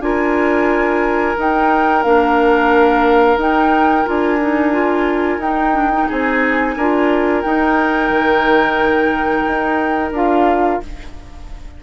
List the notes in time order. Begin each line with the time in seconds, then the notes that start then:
0.00 D4 F4 A#4 G#5
1.36 D#4 G5
2.03 A#3 D4 F5
3.37 D#4 G5
4.05 D4 F4 G#5
4.41 D#4
4.72 F4
5.38 D#4 G5
5.74 D4
5.92 D#4
6.08 C4 G#4 G#5
6.76 D4 F4 A#4
7.42 D#4 G5
8.09 D#3
9.47 D#4
10.12 D4 F4 F5